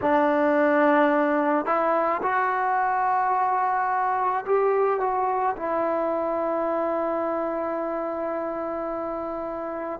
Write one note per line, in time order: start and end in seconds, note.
0.02 1.65 D4
1.65 2.21 E4
2.22 4.44 F#4
4.45 4.99 G4
4.99 5.55 F#4
5.56 9.99 E4